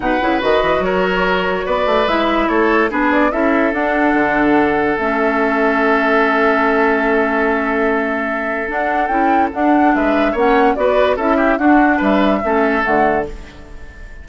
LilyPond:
<<
  \new Staff \with { instrumentName = "flute" } { \time 4/4 \tempo 4 = 145 fis''4 dis''4 cis''2 | d''4 e''4 cis''4 b'8 d''8 | e''4 fis''2. | e''1~ |
e''1~ | e''4 fis''4 g''4 fis''4 | e''4 fis''4 d''4 e''4 | fis''4 e''2 fis''4 | }
  \new Staff \with { instrumentName = "oboe" } { \time 4/4 b'2 ais'2 | b'2 a'4 gis'4 | a'1~ | a'1~ |
a'1~ | a'1 | b'4 cis''4 b'4 a'8 g'8 | fis'4 b'4 a'2 | }
  \new Staff \with { instrumentName = "clarinet" } { \time 4/4 dis'8 e'8 fis'2.~ | fis'4 e'2 d'4 | e'4 d'2. | cis'1~ |
cis'1~ | cis'4 d'4 e'4 d'4~ | d'4 cis'4 fis'4 e'4 | d'2 cis'4 a4 | }
  \new Staff \with { instrumentName = "bassoon" } { \time 4/4 b,8 cis8 dis8 e8 fis2 | b8 a8 gis4 a4 b4 | cis'4 d'4 d2 | a1~ |
a1~ | a4 d'4 cis'4 d'4 | gis4 ais4 b4 cis'4 | d'4 g4 a4 d4 | }
>>